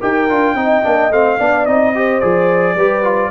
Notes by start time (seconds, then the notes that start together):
0.00 D#4 G4 A#4 G5
0.29 D4 F4
0.54 C4 D#4 D#5
0.83 A#3 D4
1.10 A3 C4 F5
1.38 B3 D4 D5
1.65 C4 D#4 D#5
1.95 G4 C5
2.20 F3 G#4 D5
2.75 G3 G4 B4
3.03 F4